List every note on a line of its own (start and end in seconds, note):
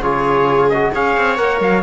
0.00 0.91 C#3
0.00 0.72 F4
0.00 0.93 G#4
0.00 0.70 C#5
0.70 0.95 F#4
0.70 0.93 D#5
0.95 1.17 C#4
0.95 1.38 G#4
0.95 1.84 C#5
0.95 1.37 F5
1.17 1.39 C4
1.37 1.61 A#3
1.37 1.83 A#4
1.37 1.60 F#5
1.61 1.84 F#3
1.61 1.84 F5